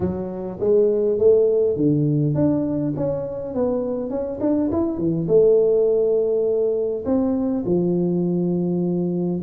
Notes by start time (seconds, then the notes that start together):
0.00 F#3
0.60 G#3
1.18 A3
1.76 D3
2.34 D4
2.96 C#4
3.54 B3
4.09 C#4
4.40 D4
4.71 E4
4.97 E3
5.28 A3
7.05 C4
7.65 F3